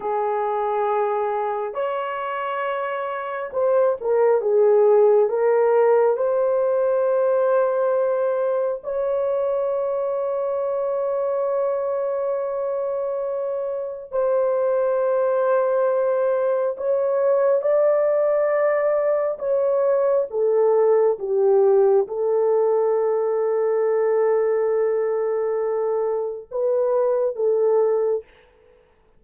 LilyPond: \new Staff \with { instrumentName = "horn" } { \time 4/4 \tempo 4 = 68 gis'2 cis''2 | c''8 ais'8 gis'4 ais'4 c''4~ | c''2 cis''2~ | cis''1 |
c''2. cis''4 | d''2 cis''4 a'4 | g'4 a'2.~ | a'2 b'4 a'4 | }